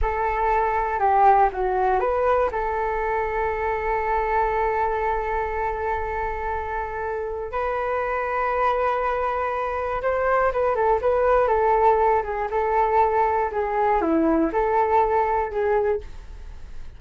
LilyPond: \new Staff \with { instrumentName = "flute" } { \time 4/4 \tempo 4 = 120 a'2 g'4 fis'4 | b'4 a'2.~ | a'1~ | a'2. b'4~ |
b'1 | c''4 b'8 a'8 b'4 a'4~ | a'8 gis'8 a'2 gis'4 | e'4 a'2 gis'4 | }